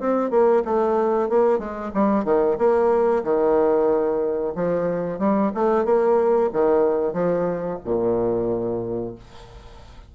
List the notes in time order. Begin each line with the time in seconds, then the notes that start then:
0.00 C4
0.31 A#3
0.65 A3
1.30 A#3
1.59 G#3
1.94 G3
2.25 D#3
2.58 A#3
3.24 D#3
4.55 F3
5.19 G3
5.55 A3
5.85 A#3
6.53 D#3
7.14 F3
7.85 A#2